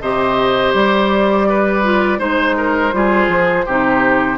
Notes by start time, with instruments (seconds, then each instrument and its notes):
0.00 bassoon C3, clarinet G4, oboe C5, flute D#5
0.74 bassoon G3, flute D5
1.48 oboe B4
1.83 clarinet F4
2.18 bassoon G#3, clarinet D#4, oboe C5, flute C5
2.57 oboe A#4
2.92 bassoon G3, clarinet F4, oboe G#4
3.28 bassoon F3
3.66 bassoon C3, clarinet D#4, oboe G4